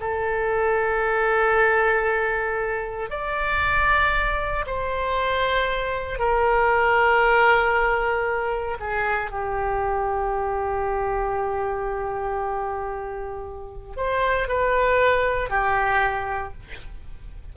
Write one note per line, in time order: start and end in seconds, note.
0.00 3.10 A4
3.10 4.65 D5
4.66 6.19 C5
6.19 8.77 A#4
8.79 9.31 G#4
9.31 13.96 G4
13.96 14.48 C5
14.48 15.49 B4
15.49 16.53 G4